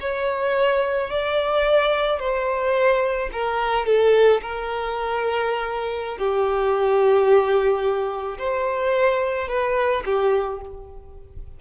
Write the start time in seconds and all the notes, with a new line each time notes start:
0.00 C#5
1.10 D5
2.19 C5
3.33 A#4
3.86 A4
4.41 A#4
6.18 G4
8.38 C5
9.48 B4
10.05 G4